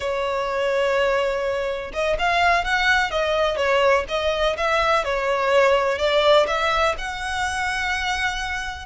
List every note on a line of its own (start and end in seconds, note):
0.00 1.91 C#5
1.93 2.17 D#5
2.18 2.64 F5
2.64 3.10 F#5
3.10 3.57 D#5
3.57 4.05 C#5
4.08 4.56 D#5
4.57 5.04 E5
5.04 5.98 C#5
5.98 6.46 D5
6.47 6.95 E5
6.98 8.86 F#5